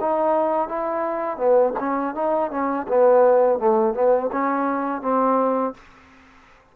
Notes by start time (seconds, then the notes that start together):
0.00 D#4
0.68 E4
1.37 B3
1.79 C#4
2.14 D#4
2.50 C#4
2.88 B3
3.58 A3
3.94 B3
4.31 C#4
5.01 C4